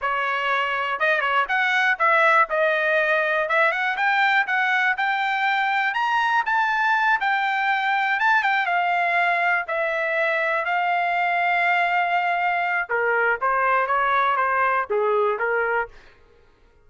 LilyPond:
\new Staff \with { instrumentName = "trumpet" } { \time 4/4 \tempo 4 = 121 cis''2 dis''8 cis''8 fis''4 | e''4 dis''2 e''8 fis''8 | g''4 fis''4 g''2 | ais''4 a''4. g''4.~ |
g''8 a''8 g''8 f''2 e''8~ | e''4. f''2~ f''8~ | f''2 ais'4 c''4 | cis''4 c''4 gis'4 ais'4 | }